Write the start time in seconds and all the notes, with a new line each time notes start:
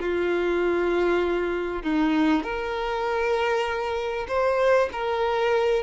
0.00 F4
1.83 D#4
2.44 A#4
4.29 C5
4.93 A#4